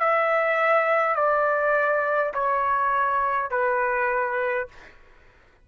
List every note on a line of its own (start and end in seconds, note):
0.00 1.16 E5
1.16 2.33 D5
2.34 3.51 C#5
3.51 4.68 B4